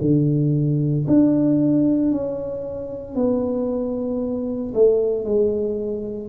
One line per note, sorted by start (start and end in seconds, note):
0.00 1.05 D3
1.07 2.11 D4
2.11 3.15 C#4
3.15 4.73 B3
4.74 5.24 A3
5.24 6.28 G#3